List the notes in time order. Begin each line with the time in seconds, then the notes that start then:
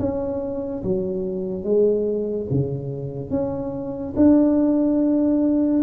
0.00 C#4
0.84 F#3
1.64 G#3
2.51 C#3
3.31 C#4
4.17 D4